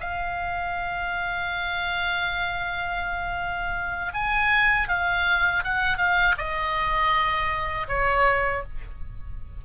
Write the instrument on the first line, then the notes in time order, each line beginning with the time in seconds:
oboe
0.00 F5
4.13 G#5
4.88 F5
5.64 F#5
5.97 F5
6.37 D#5
7.88 C#5